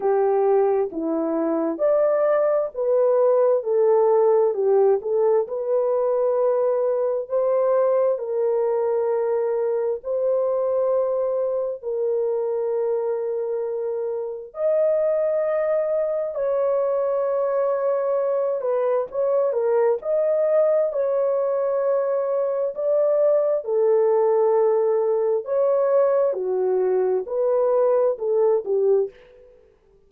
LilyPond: \new Staff \with { instrumentName = "horn" } { \time 4/4 \tempo 4 = 66 g'4 e'4 d''4 b'4 | a'4 g'8 a'8 b'2 | c''4 ais'2 c''4~ | c''4 ais'2. |
dis''2 cis''2~ | cis''8 b'8 cis''8 ais'8 dis''4 cis''4~ | cis''4 d''4 a'2 | cis''4 fis'4 b'4 a'8 g'8 | }